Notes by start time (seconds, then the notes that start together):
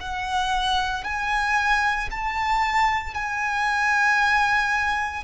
0.00 F#5
1.04 G#5
2.11 A5
3.14 G#5